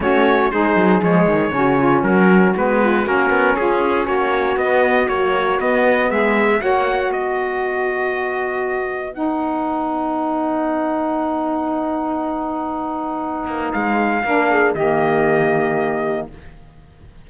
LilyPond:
<<
  \new Staff \with { instrumentName = "trumpet" } { \time 4/4 \tempo 4 = 118 cis''4 c''4 cis''2 | ais'4 b'4 ais'4 gis'4 | cis''4 dis''4 cis''4 dis''4 | e''4 fis''4 dis''2~ |
dis''2 fis''2~ | fis''1~ | fis''2. f''4~ | f''4 dis''2. | }
  \new Staff \with { instrumentName = "saxophone" } { \time 4/4 fis'4 gis'2 fis'8 f'8 | fis'4. f'8 fis'4 f'4 | fis'1 | gis'4 cis''4 b'2~ |
b'1~ | b'1~ | b'1 | ais'8 gis'8 g'2. | }
  \new Staff \with { instrumentName = "saxophone" } { \time 4/4 cis'4 dis'4 gis4 cis'4~ | cis'4 b4 cis'2~ | cis'4 b4 fis4 b4~ | b4 fis'2.~ |
fis'2 dis'2~ | dis'1~ | dis'1 | d'4 ais2. | }
  \new Staff \with { instrumentName = "cello" } { \time 4/4 a4 gis8 fis8 f8 dis8 cis4 | fis4 gis4 ais8 b8 cis'4 | ais4 b4 ais4 b4 | gis4 ais4 b2~ |
b1~ | b1~ | b2~ b8 ais8 gis4 | ais4 dis2. | }
>>